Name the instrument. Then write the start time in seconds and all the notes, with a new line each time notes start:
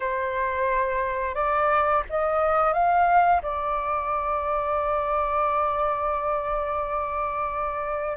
flute
0.00 C5
1.35 D5
2.09 D#5
2.73 F5
3.42 D5